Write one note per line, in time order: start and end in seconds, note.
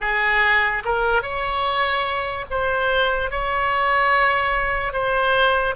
0.00 0.83 G#4
0.84 1.22 A#4
1.22 2.45 C#5
2.50 3.30 C5
3.30 4.92 C#5
4.92 5.75 C5